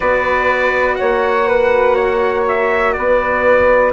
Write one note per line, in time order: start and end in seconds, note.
0.00 0.99 B3
0.00 3.93 F#4
0.00 0.95 B4
0.00 0.95 D5
0.95 2.97 A#3
0.95 1.48 C#5
0.95 2.42 F#5
1.48 1.95 B4
1.95 2.93 C#5
2.48 2.93 E5
2.93 3.93 B3
2.93 3.93 B4
2.93 3.91 D5